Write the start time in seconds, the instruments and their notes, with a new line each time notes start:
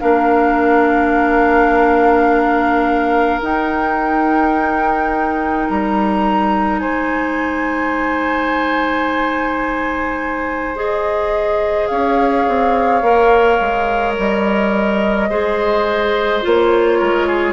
0.00 bassoon A#3, clarinet D4, oboe A#4, flute F5
3.41 bassoon D#4, clarinet D#4, flute G5
5.69 bassoon G3, flute A#5
6.79 bassoon G#3, oboe C5, flute G#5
10.75 clarinet G#4, flute D#5
11.87 bassoon C#4, oboe C#5, flute F5
12.47 bassoon C4
13.02 bassoon A#3, clarinet A#4
13.60 bassoon G#3
14.18 bassoon G3, flute D#5
15.29 bassoon G#3, clarinet G#4, oboe C5
16.42 bassoon A#3, clarinet F4, flute C#5
16.98 bassoon G#3, oboe A#4
17.27 oboe G#4